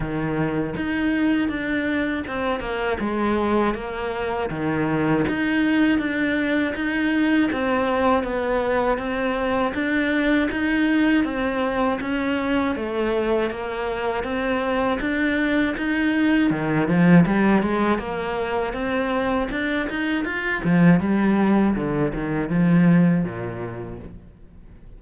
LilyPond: \new Staff \with { instrumentName = "cello" } { \time 4/4 \tempo 4 = 80 dis4 dis'4 d'4 c'8 ais8 | gis4 ais4 dis4 dis'4 | d'4 dis'4 c'4 b4 | c'4 d'4 dis'4 c'4 |
cis'4 a4 ais4 c'4 | d'4 dis'4 dis8 f8 g8 gis8 | ais4 c'4 d'8 dis'8 f'8 f8 | g4 d8 dis8 f4 ais,4 | }